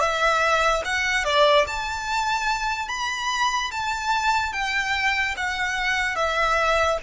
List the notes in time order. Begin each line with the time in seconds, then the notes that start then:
0.00 E5
0.85 F#5
1.24 D5
1.67 A5
2.88 B5
3.71 A5
4.53 G5
5.36 F#5
6.16 E5